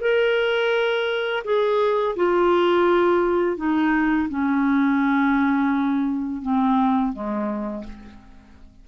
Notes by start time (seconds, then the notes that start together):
0.00 A#4
1.44 G#4
2.16 F4
3.56 D#4
4.29 C#4
6.42 C4
7.12 G#3